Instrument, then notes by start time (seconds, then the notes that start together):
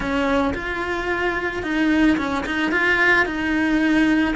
cello
0.00 C#4
0.53 F4
1.62 D#4
2.17 C#4
2.46 D#4
2.71 F4
3.25 D#4